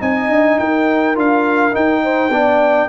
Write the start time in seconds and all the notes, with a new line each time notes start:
0.00 C4 D#4 D#5 G#5
0.29 D4
0.59 D#4 A#4 G5
1.15 D4 F4 F5
1.72 D#4 G5
2.03 C5
2.30 B3 D4 D5